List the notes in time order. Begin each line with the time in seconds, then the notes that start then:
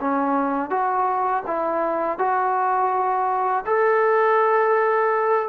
0.00 C#4
0.70 F#4
1.47 E4
2.18 F#4
3.66 A4